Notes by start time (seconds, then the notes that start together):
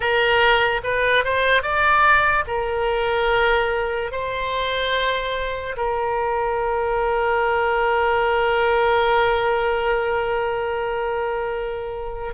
0.00 A#4
0.83 B4
1.24 C5
1.62 D5
2.47 A#4
4.11 C5
5.76 A#4